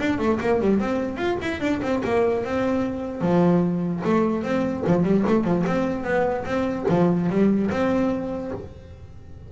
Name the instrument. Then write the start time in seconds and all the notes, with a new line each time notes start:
double bass
0.00 D4
0.19 A3
0.41 A#3
0.61 G3
0.80 C4
1.17 F4
1.42 E4
1.61 D4
1.82 C4
2.05 A#3
2.45 C4
3.22 F3
4.05 A3
4.43 C4
4.87 F3
5.04 G3
5.27 A3
5.45 F3
5.67 C4
6.04 B3
6.46 C4
6.89 F3
7.30 G3
7.71 C4